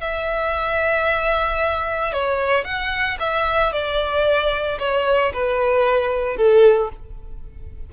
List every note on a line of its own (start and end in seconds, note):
0.00 2.12 E5
2.12 2.64 C#5
2.64 3.17 F#5
3.19 3.72 E5
3.72 4.78 D5
4.79 5.32 C#5
5.33 6.36 B4
6.36 6.90 A4